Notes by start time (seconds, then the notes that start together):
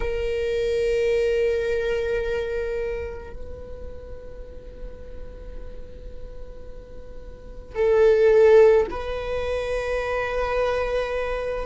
0.00 A#4
3.33 B4
7.75 A4
8.90 B4